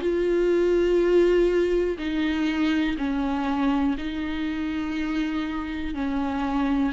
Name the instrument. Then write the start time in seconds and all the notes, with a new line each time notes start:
viola
0.00 F4
1.98 D#4
2.97 C#4
3.97 D#4
5.94 C#4